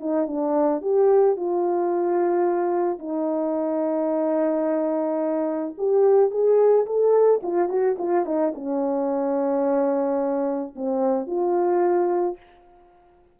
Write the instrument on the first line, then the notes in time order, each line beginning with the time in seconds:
horn
0.00 D#4
0.27 D4
0.82 G4
1.36 F4
2.99 D#4
5.77 G4
6.31 G#4
6.86 A4
7.43 F4
7.69 F#4
7.98 F4
8.25 D#4
8.55 C#4
10.75 C4
11.27 F4